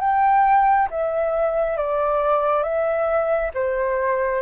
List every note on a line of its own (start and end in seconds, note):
0.00 0.88 G5
0.90 1.77 E5
1.77 2.62 D5
2.62 3.51 E5
3.54 4.42 C5